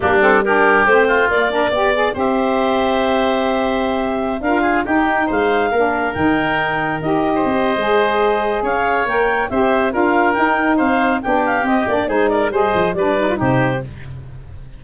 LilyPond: <<
  \new Staff \with { instrumentName = "clarinet" } { \time 4/4 \tempo 4 = 139 g'8 a'8 ais'4 c''4 d''4~ | d''4 e''2.~ | e''2~ e''16 f''4 g''8.~ | g''16 f''2 g''4.~ g''16~ |
g''16 dis''2.~ dis''8. | f''4 g''4 e''4 f''4 | g''4 f''4 g''8 f''8 dis''8 d''8 | c''8 d''8 dis''4 d''4 c''4 | }
  \new Staff \with { instrumentName = "oboe" } { \time 4/4 d'4 g'4. f'4 ais'8 | d''4 c''2.~ | c''2~ c''16 ais'8 gis'8 g'8.~ | g'16 c''4 ais'2~ ais'8.~ |
ais'4 c''2. | cis''2 c''4 ais'4~ | ais'4 c''4 g'2 | gis'8 ais'8 c''4 b'4 g'4 | }
  \new Staff \with { instrumentName = "saxophone" } { \time 4/4 ais8 c'8 d'4 c'4 ais8 d'8 | g'8 gis'8 g'2.~ | g'2~ g'16 f'4 dis'8.~ | dis'4~ dis'16 d'4 dis'4.~ dis'16~ |
dis'16 g'4.~ g'16 gis'2~ | gis'4 ais'4 g'4 f'4 | dis'2 d'4 c'8 d'8 | dis'4 gis'4 d'8 dis'16 f'16 dis'4 | }
  \new Staff \with { instrumentName = "tuba" } { \time 4/4 g2 a4 ais4 | b4 c'2.~ | c'2~ c'16 d'4 dis'8.~ | dis'16 gis4 ais4 dis4.~ dis16~ |
dis16 dis'4 c'8. gis2 | cis'4 ais4 c'4 d'4 | dis'4 c'4 b4 c'8 ais8 | gis4 g8 f8 g4 c4 | }
>>